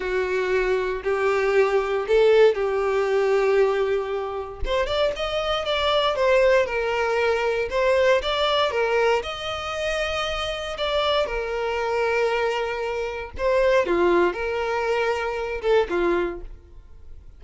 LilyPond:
\new Staff \with { instrumentName = "violin" } { \time 4/4 \tempo 4 = 117 fis'2 g'2 | a'4 g'2.~ | g'4 c''8 d''8 dis''4 d''4 | c''4 ais'2 c''4 |
d''4 ais'4 dis''2~ | dis''4 d''4 ais'2~ | ais'2 c''4 f'4 | ais'2~ ais'8 a'8 f'4 | }